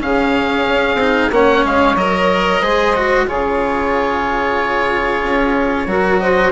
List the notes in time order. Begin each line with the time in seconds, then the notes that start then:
0.00 C#3 C#4 G#4 F5
0.68 C#4
0.95 C4 D#4
1.31 A#3 C#4 C#5 F#5
1.65 G#3 F5
1.96 F#3 A#4 D#5
2.61 G#3 G#4 C5
2.96 F#4
3.25 C#3 F4 G#4 C#5
5.22 C#4
5.87 F#3 F#4 A#4
6.19 C5 D#5